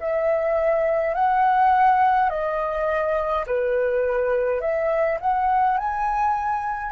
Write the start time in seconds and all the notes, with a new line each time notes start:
0.00 E5
1.14 F#5
2.29 D#5
3.47 B4
4.60 E5
5.20 F#5
5.77 G#5